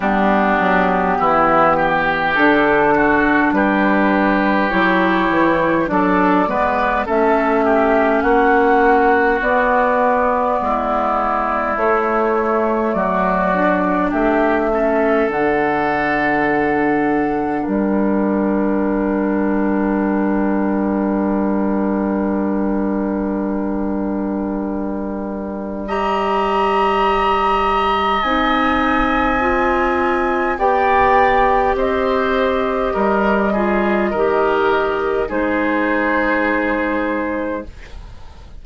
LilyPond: <<
  \new Staff \with { instrumentName = "flute" } { \time 4/4 \tempo 4 = 51 g'2 a'4 b'4 | cis''4 d''4 e''4 fis''4 | d''2 cis''4 d''4 | e''4 fis''2 g''4~ |
g''1~ | g''2 ais''2 | gis''2 g''4 dis''4~ | dis''2 c''2 | }
  \new Staff \with { instrumentName = "oboe" } { \time 4/4 d'4 e'8 g'4 fis'8 g'4~ | g'4 a'8 b'8 a'8 g'8 fis'4~ | fis'4 e'2 fis'4 | g'8 a'2~ a'8 ais'4~ |
ais'1~ | ais'2 dis''2~ | dis''2 d''4 c''4 | ais'8 gis'8 ais'4 gis'2 | }
  \new Staff \with { instrumentName = "clarinet" } { \time 4/4 b2 d'2 | e'4 d'8 b8 cis'2 | b2 a4. d'8~ | d'8 cis'8 d'2.~ |
d'1~ | d'2 g'2 | dis'4 f'4 g'2~ | g'8 f'8 g'4 dis'2 | }
  \new Staff \with { instrumentName = "bassoon" } { \time 4/4 g8 fis8 e4 d4 g4 | fis8 e8 fis8 gis8 a4 ais4 | b4 gis4 a4 fis4 | a4 d2 g4~ |
g1~ | g1 | c'2 b4 c'4 | g4 dis4 gis2 | }
>>